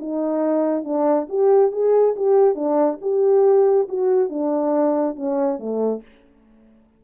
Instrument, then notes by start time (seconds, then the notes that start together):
horn
0.00 D#4
0.85 D4
1.29 G4
1.72 G#4
2.17 G4
2.55 D4
3.02 G4
3.89 F#4
4.30 D4
5.16 C#4
5.59 A3